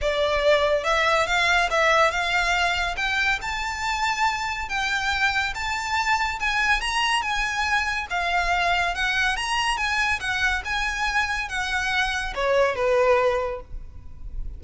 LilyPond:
\new Staff \with { instrumentName = "violin" } { \time 4/4 \tempo 4 = 141 d''2 e''4 f''4 | e''4 f''2 g''4 | a''2. g''4~ | g''4 a''2 gis''4 |
ais''4 gis''2 f''4~ | f''4 fis''4 ais''4 gis''4 | fis''4 gis''2 fis''4~ | fis''4 cis''4 b'2 | }